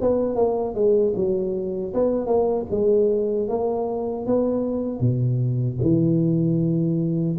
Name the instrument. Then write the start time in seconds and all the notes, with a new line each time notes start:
tuba
0.00 B3
0.35 A#3
0.74 G#3
1.15 F#3
1.93 B3
2.26 A#3
2.70 G#3
3.48 A#3
4.26 B3
5.00 B2
5.82 E3